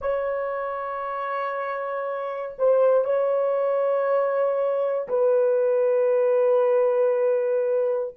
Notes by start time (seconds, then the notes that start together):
0.01 C#5
2.58 C5
3.04 C#5
5.08 B4